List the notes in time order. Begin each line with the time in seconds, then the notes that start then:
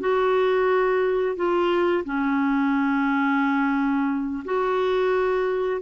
0.00 F#4
1.36 F4
2.05 C#4
4.45 F#4